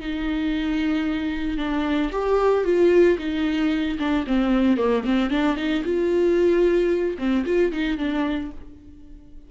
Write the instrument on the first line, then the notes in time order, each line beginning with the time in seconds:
viola
0.00 D#4
1.57 D4
2.12 G4
2.64 F4
3.18 D#4
3.98 D4
4.27 C4
4.77 A#3
5.04 C4
5.30 D4
5.56 D#4
5.84 F4
7.18 C4
7.45 F4
7.72 D#4
7.97 D4